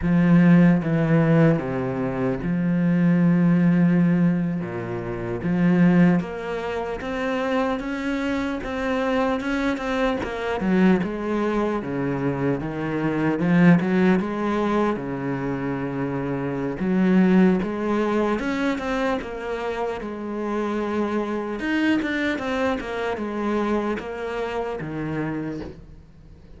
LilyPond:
\new Staff \with { instrumentName = "cello" } { \time 4/4 \tempo 4 = 75 f4 e4 c4 f4~ | f4.~ f16 ais,4 f4 ais16~ | ais8. c'4 cis'4 c'4 cis'16~ | cis'16 c'8 ais8 fis8 gis4 cis4 dis16~ |
dis8. f8 fis8 gis4 cis4~ cis16~ | cis4 fis4 gis4 cis'8 c'8 | ais4 gis2 dis'8 d'8 | c'8 ais8 gis4 ais4 dis4 | }